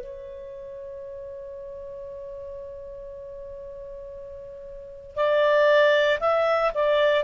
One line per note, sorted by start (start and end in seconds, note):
0.00 5.15 C#5
5.15 6.18 D5
6.20 6.71 E5
6.74 7.24 D5